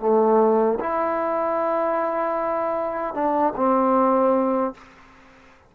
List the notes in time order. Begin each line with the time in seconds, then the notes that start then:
0.00 A3
0.80 E4
3.14 D4
3.56 C4